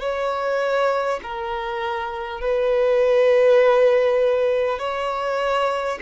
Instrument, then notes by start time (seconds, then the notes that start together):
violin
0.00 C#5
1.23 A#4
2.41 B4
4.79 C#5